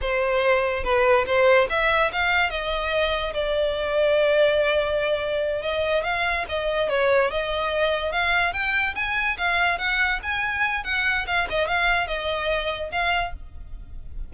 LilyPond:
\new Staff \with { instrumentName = "violin" } { \time 4/4 \tempo 4 = 144 c''2 b'4 c''4 | e''4 f''4 dis''2 | d''1~ | d''4. dis''4 f''4 dis''8~ |
dis''8 cis''4 dis''2 f''8~ | f''8 g''4 gis''4 f''4 fis''8~ | fis''8 gis''4. fis''4 f''8 dis''8 | f''4 dis''2 f''4 | }